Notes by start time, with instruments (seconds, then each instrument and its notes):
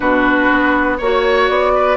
0.00 bassoon B2, clarinet D4, oboe F#4, flute B4
0.51 bassoon B3
0.97 bassoon A#3, clarinet F#4, oboe C#5, flute C#5
1.49 bassoon B3, flute D5
1.75 oboe B4